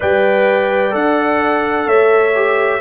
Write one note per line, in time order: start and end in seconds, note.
0.00 0.94 G3
0.00 0.90 B4
0.00 1.86 D5
0.00 0.94 G5
0.90 1.86 D4
0.90 2.31 A4
0.90 1.88 F#5
1.86 2.80 A3
1.86 2.80 C#5
1.86 2.80 E5
2.35 2.80 G4